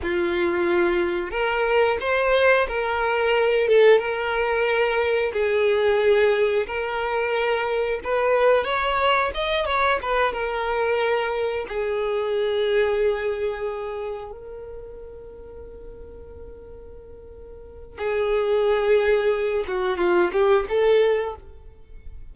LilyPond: \new Staff \with { instrumentName = "violin" } { \time 4/4 \tempo 4 = 90 f'2 ais'4 c''4 | ais'4. a'8 ais'2 | gis'2 ais'2 | b'4 cis''4 dis''8 cis''8 b'8 ais'8~ |
ais'4. gis'2~ gis'8~ | gis'4. ais'2~ ais'8~ | ais'2. gis'4~ | gis'4. fis'8 f'8 g'8 a'4 | }